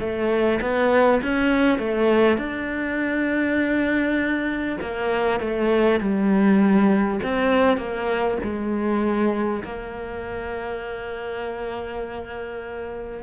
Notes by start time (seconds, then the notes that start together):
0.00 A3
0.61 B3
1.23 C#4
1.78 A3
2.37 D4
4.81 A#3
5.39 A3
5.99 G3
7.23 C4
7.77 A#3
8.43 G#3
9.63 A#3